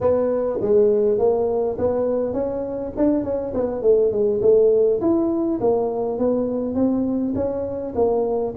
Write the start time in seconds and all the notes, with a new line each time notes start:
0.00 B3
0.61 G#3
1.18 A#3
1.78 B3
2.33 C#4
2.97 D4
3.24 C#4
3.53 B3
3.82 A3
4.11 G#3
4.41 A3
5.01 E4
5.60 A#3
6.18 B3
6.74 C4
7.35 C#4
7.95 A#3